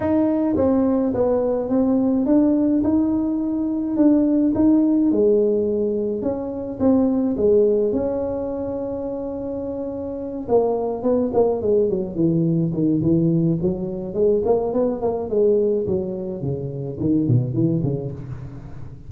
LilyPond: \new Staff \with { instrumentName = "tuba" } { \time 4/4 \tempo 4 = 106 dis'4 c'4 b4 c'4 | d'4 dis'2 d'4 | dis'4 gis2 cis'4 | c'4 gis4 cis'2~ |
cis'2~ cis'8 ais4 b8 | ais8 gis8 fis8 e4 dis8 e4 | fis4 gis8 ais8 b8 ais8 gis4 | fis4 cis4 dis8 b,8 e8 cis8 | }